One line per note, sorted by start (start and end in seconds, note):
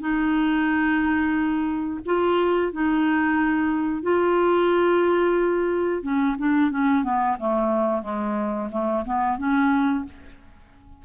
0.00 2.00 D#4
2.06 2.72 F4
2.72 4.02 D#4
4.02 6.02 F4
6.03 6.36 C#4
6.39 6.71 D4
6.71 7.04 C#4
7.04 7.37 B3
7.39 8.02 A3
8.02 8.69 G#3
8.72 9.05 A3
9.05 9.38 B3
9.38 10.05 C#4